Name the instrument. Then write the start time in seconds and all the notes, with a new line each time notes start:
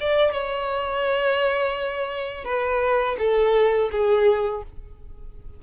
violin
0.00 D5
0.32 C#5
2.44 B4
3.19 A4
3.91 G#4